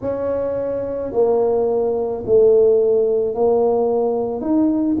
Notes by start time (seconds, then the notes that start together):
0.01 C#4
1.12 A#3
2.26 A3
3.34 A#3
4.41 D#4